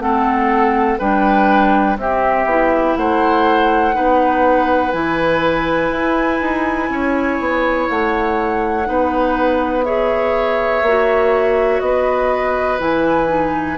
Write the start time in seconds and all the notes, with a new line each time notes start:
0.00 A3 C4 A4 F#5
0.99 G3 D4 B4 G5
1.98 C4 G4 E5
2.45 B3 E4
2.97 A3 C5 F#5
3.94 B3 D#4 B4
4.92 E3 E4 G#5
5.91 E4
6.41 D#4
6.90 C#4 C#5
7.40 B3
7.90 A3 F#5
8.86 B3 D#4 B4
9.84 G#4 C#5 E5
10.83 A#3 F#4
11.81 B3 B4 D#5
12.79 E3 E4 G#5
13.28 D#4